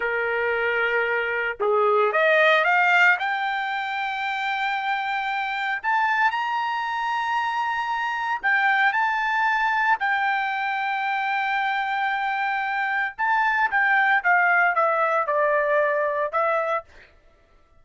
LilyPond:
\new Staff \with { instrumentName = "trumpet" } { \time 4/4 \tempo 4 = 114 ais'2. gis'4 | dis''4 f''4 g''2~ | g''2. a''4 | ais''1 |
g''4 a''2 g''4~ | g''1~ | g''4 a''4 g''4 f''4 | e''4 d''2 e''4 | }